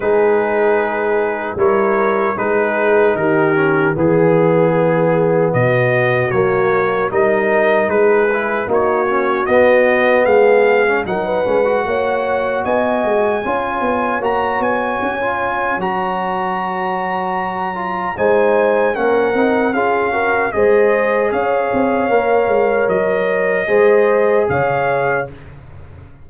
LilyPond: <<
  \new Staff \with { instrumentName = "trumpet" } { \time 4/4 \tempo 4 = 76 b'2 cis''4 b'4 | ais'4 gis'2 dis''4 | cis''4 dis''4 b'4 cis''4 | dis''4 f''4 fis''2 |
gis''2 ais''8 gis''4. | ais''2. gis''4 | fis''4 f''4 dis''4 f''4~ | f''4 dis''2 f''4 | }
  \new Staff \with { instrumentName = "horn" } { \time 4/4 gis'2 ais'4 gis'4 | g'4 gis'2 fis'4~ | fis'4 ais'4 gis'4 fis'4~ | fis'4 gis'4 ais'16 b'8. cis''4 |
dis''4 cis''2.~ | cis''2. c''4 | ais'4 gis'8 ais'8 c''4 cis''4~ | cis''2 c''4 cis''4 | }
  \new Staff \with { instrumentName = "trombone" } { \time 4/4 dis'2 e'4 dis'4~ | dis'8 cis'8 b2. | ais4 dis'4. e'8 dis'8 cis'8 | b4.~ b16 cis'16 dis'8 cis'16 fis'4~ fis'16~ |
fis'4 f'4 fis'4~ fis'16 f'8. | fis'2~ fis'8 f'8 dis'4 | cis'8 dis'8 f'8 fis'8 gis'2 | ais'2 gis'2 | }
  \new Staff \with { instrumentName = "tuba" } { \time 4/4 gis2 g4 gis4 | dis4 e2 b,4 | fis4 g4 gis4 ais4 | b4 gis4 fis8 gis8 ais4 |
b8 gis8 cis'8 b8 ais8 b8 cis'4 | fis2. gis4 | ais8 c'8 cis'4 gis4 cis'8 c'8 | ais8 gis8 fis4 gis4 cis4 | }
>>